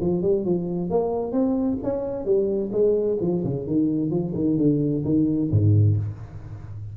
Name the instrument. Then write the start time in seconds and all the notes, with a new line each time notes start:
tuba
0.00 F3
0.22 G3
0.45 F3
0.90 A#3
1.32 C4
1.83 C#4
2.25 G3
2.71 G#3
3.20 F3
3.44 C#3
3.66 D#3
4.10 F3
4.34 D#3
4.57 D3
5.04 D#3
5.51 G#2